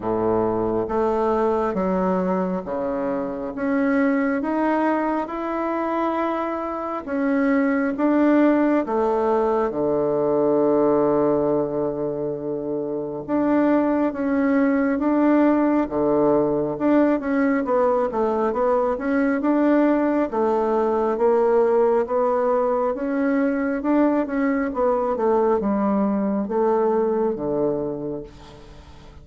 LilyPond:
\new Staff \with { instrumentName = "bassoon" } { \time 4/4 \tempo 4 = 68 a,4 a4 fis4 cis4 | cis'4 dis'4 e'2 | cis'4 d'4 a4 d4~ | d2. d'4 |
cis'4 d'4 d4 d'8 cis'8 | b8 a8 b8 cis'8 d'4 a4 | ais4 b4 cis'4 d'8 cis'8 | b8 a8 g4 a4 d4 | }